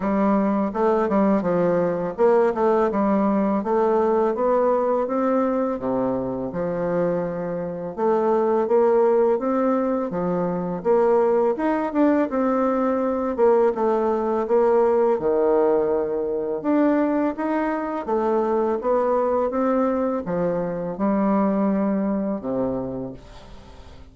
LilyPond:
\new Staff \with { instrumentName = "bassoon" } { \time 4/4 \tempo 4 = 83 g4 a8 g8 f4 ais8 a8 | g4 a4 b4 c'4 | c4 f2 a4 | ais4 c'4 f4 ais4 |
dis'8 d'8 c'4. ais8 a4 | ais4 dis2 d'4 | dis'4 a4 b4 c'4 | f4 g2 c4 | }